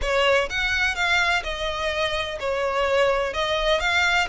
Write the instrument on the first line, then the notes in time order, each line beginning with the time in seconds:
violin
0.01 C#5
0.49 F#5
0.95 F5
1.43 D#5
2.39 C#5
3.33 D#5
3.79 F5